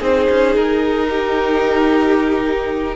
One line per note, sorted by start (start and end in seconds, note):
0.00 0.28 C4
0.00 2.95 D#4
0.00 1.07 G#4
0.00 0.57 C5
0.30 0.57 C#4
0.57 2.96 D#4
0.57 2.96 A#4
1.10 2.96 G4